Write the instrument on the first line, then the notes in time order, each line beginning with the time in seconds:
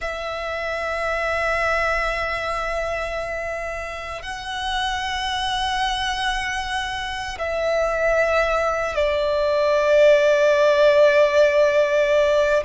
violin
0.01 E5
4.22 F#5
7.38 E5
8.95 D5